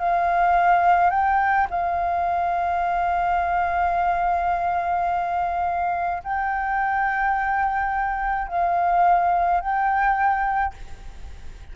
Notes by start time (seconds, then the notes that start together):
0.00 F5
1.11 G5
1.71 F5
6.24 G5
8.48 F5
9.61 G5